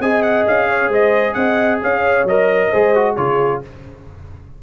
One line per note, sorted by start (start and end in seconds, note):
0.00 0.45 C4
0.00 2.28 G#4
0.00 0.68 D#5
0.00 0.22 G#5
0.22 0.45 F#5
0.47 0.89 C#4
0.47 0.93 F5
0.68 0.89 C#5
0.89 1.34 G#3
0.89 1.35 C5
0.89 1.34 D#5
1.34 1.81 C4
1.34 1.81 D#5
1.34 1.79 F#5
1.82 2.24 C#4
1.82 2.70 C#5
1.82 2.28 F5
2.24 2.69 F#3
2.24 2.73 A#4
2.24 3.16 D#5
2.70 3.17 G#3
2.70 2.95 G#4
2.70 3.15 C5
2.95 3.17 F#4
3.16 3.62 C#3
3.16 3.63 F4
3.16 3.61 G#4
3.16 3.61 C#5